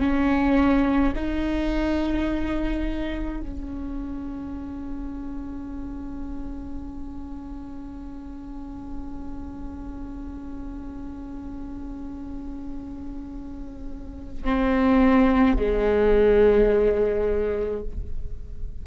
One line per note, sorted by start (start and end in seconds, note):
0.00 1.13 C#4
1.15 3.41 D#4
3.41 14.44 C#4
14.44 15.56 C4
15.56 17.83 G#3